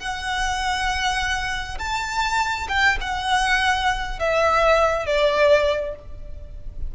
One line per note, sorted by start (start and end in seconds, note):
0.00 1.78 F#5
1.79 2.68 A5
2.69 2.98 G5
3.01 4.19 F#5
4.19 5.07 E5
5.07 5.96 D5